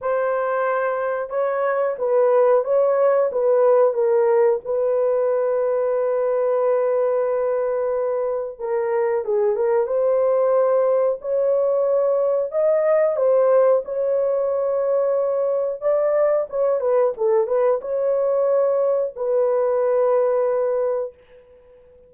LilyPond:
\new Staff \with { instrumentName = "horn" } { \time 4/4 \tempo 4 = 91 c''2 cis''4 b'4 | cis''4 b'4 ais'4 b'4~ | b'1~ | b'4 ais'4 gis'8 ais'8 c''4~ |
c''4 cis''2 dis''4 | c''4 cis''2. | d''4 cis''8 b'8 a'8 b'8 cis''4~ | cis''4 b'2. | }